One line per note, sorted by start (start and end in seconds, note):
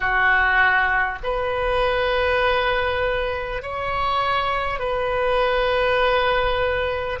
0.00 1.18 F#4
1.23 3.62 B4
3.62 4.79 C#5
4.79 7.19 B4